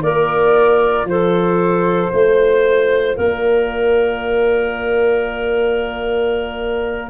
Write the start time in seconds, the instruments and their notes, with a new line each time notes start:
0.00 tuba A#3, trombone F4, clarinet A#4, flute D5
1.05 tuba F3, clarinet A4, flute C5
2.12 tuba A3, clarinet C5
3.16 tuba A#3, clarinet A#4, flute D5